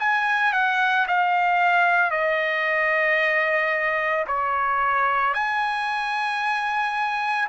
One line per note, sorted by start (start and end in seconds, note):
0.00 0.53 G#5
0.53 1.07 F#5
1.08 2.11 F5
2.11 4.26 D#5
4.28 5.34 C#5
5.34 7.49 G#5